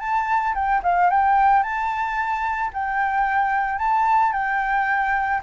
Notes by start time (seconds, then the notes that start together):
0.00 A5
0.55 G5
0.83 F5
1.10 G5
1.63 A5
2.73 G5
3.79 A5
4.33 G5